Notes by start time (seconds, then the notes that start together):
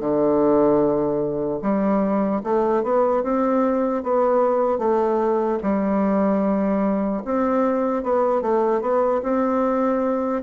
0.00 D3
1.62 G3
2.43 A3
2.83 B3
3.23 C4
4.03 B3
4.78 A3
5.63 G3
7.24 C4
8.03 B3
8.41 A3
8.81 B3
9.23 C4